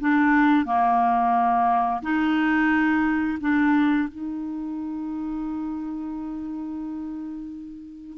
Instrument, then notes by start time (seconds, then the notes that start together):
clarinet
0.00 D4
0.65 A#3
2.02 D#4
3.41 D4
4.08 D#4